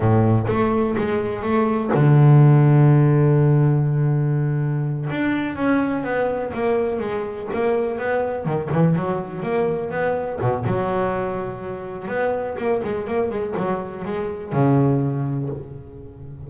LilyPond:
\new Staff \with { instrumentName = "double bass" } { \time 4/4 \tempo 4 = 124 a,4 a4 gis4 a4 | d1~ | d2~ d8 d'4 cis'8~ | cis'8 b4 ais4 gis4 ais8~ |
ais8 b4 dis8 e8 fis4 ais8~ | ais8 b4 b,8 fis2~ | fis4 b4 ais8 gis8 ais8 gis8 | fis4 gis4 cis2 | }